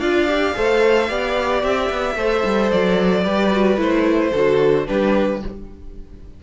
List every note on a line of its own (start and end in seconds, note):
0.00 0.54 D4
0.00 0.28 F4
0.00 0.55 D5
0.00 1.63 F5
0.28 0.55 G4
0.55 1.10 A3
0.55 1.09 A4
0.55 1.10 C5
1.09 1.63 B3
1.09 2.17 G4
1.09 2.17 D5
1.63 1.90 C4
1.63 2.71 E5
1.91 2.16 B3
2.16 2.43 A3
2.16 3.25 A4
2.16 3.24 C5
2.45 2.72 G3
2.71 3.26 F#3
2.71 3.80 D5
3.24 3.77 G3
3.24 3.52 G4
3.24 4.31 B4
3.52 3.78 F#4
3.77 4.32 A3
3.77 4.32 E4
3.77 4.87 C5
4.31 4.88 D3
4.31 4.87 F#4
4.31 4.85 A4
4.87 5.43 G3
4.87 5.41 D4
4.87 5.43 G4
4.87 5.41 B4